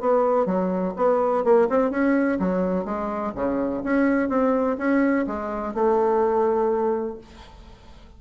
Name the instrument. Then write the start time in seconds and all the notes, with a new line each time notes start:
bassoon
0.00 B3
0.46 F#3
0.96 B3
1.44 A#3
1.69 C4
1.90 C#4
2.39 F#3
2.85 G#3
3.34 C#3
3.84 C#4
4.29 C4
4.78 C#4
5.27 G#3
5.74 A3